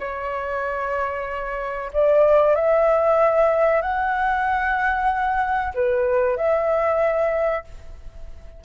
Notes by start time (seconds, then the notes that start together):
0.00 C#5
1.94 D5
2.56 E5
3.82 F#5
5.75 B4
6.37 E5